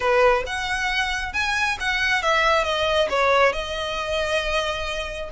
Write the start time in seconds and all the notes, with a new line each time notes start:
0.00 B4
0.46 F#5
1.33 G#5
1.79 F#5
2.22 E5
2.64 D#5
3.09 C#5
3.53 D#5